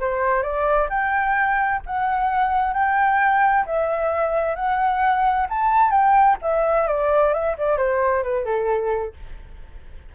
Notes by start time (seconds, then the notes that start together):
0.00 C5
0.42 D5
0.89 G5
1.86 F#5
2.74 G5
3.66 E5
4.55 F#5
5.49 A5
5.91 G5
6.42 E5
6.87 D5
7.33 E5
7.58 D5
7.78 C5
8.23 B4
8.45 A4